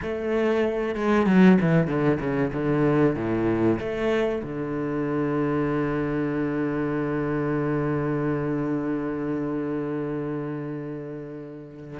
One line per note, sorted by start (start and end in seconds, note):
0.02 0.95 A3
0.95 1.26 G#3
1.26 1.58 F#3
1.60 1.87 E3
1.87 2.18 D3
2.19 2.51 C#3
2.53 3.16 D3
3.16 3.79 A2
3.79 4.42 A3
4.43 11.99 D3